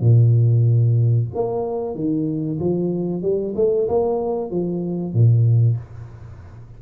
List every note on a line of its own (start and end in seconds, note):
0.00 1.28 A#2
1.34 1.95 A#3
1.95 2.59 D#3
2.59 3.22 F3
3.22 3.54 G3
3.55 3.87 A3
3.88 4.50 A#3
4.50 5.13 F3
5.13 5.77 A#2